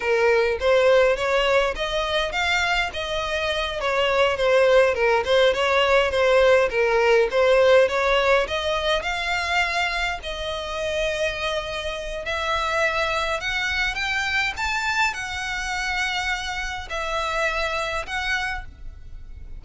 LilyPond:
\new Staff \with { instrumentName = "violin" } { \time 4/4 \tempo 4 = 103 ais'4 c''4 cis''4 dis''4 | f''4 dis''4. cis''4 c''8~ | c''8 ais'8 c''8 cis''4 c''4 ais'8~ | ais'8 c''4 cis''4 dis''4 f''8~ |
f''4. dis''2~ dis''8~ | dis''4 e''2 fis''4 | g''4 a''4 fis''2~ | fis''4 e''2 fis''4 | }